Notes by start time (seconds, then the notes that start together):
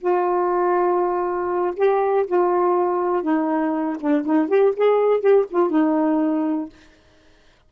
0.00 F4
1.76 G4
2.26 F4
3.22 D#4
4.00 D4
4.25 D#4
4.48 G4
4.76 G#4
5.20 G4
5.50 F4
5.69 D#4